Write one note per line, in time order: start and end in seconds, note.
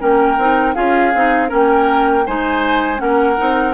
0.00 0.38 A#3
0.00 0.38 C#4
0.00 0.76 A#4
0.00 0.75 G5
0.38 0.75 C4
0.38 0.75 D#4
0.75 1.15 C#4
0.75 1.13 F4
0.75 1.49 G#4
0.75 1.50 F5
1.15 1.52 C4
1.15 1.48 D#4
1.48 2.28 A#3
1.48 2.23 C#4
1.48 2.24 A#4
1.48 2.27 G5
2.27 3.01 G#3
2.27 2.98 D#4
2.27 3.02 C5
2.27 3.00 G#5
2.98 3.38 A#3
2.98 3.35 C#4
2.98 3.74 F#5
3.04 3.74 A#4
3.38 3.74 C4
3.38 3.74 D#4